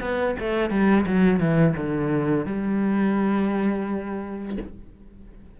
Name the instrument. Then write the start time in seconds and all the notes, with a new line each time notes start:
cello
0.00 B3
0.39 A3
0.70 G3
1.06 F#3
1.39 E3
1.76 D3
2.45 G3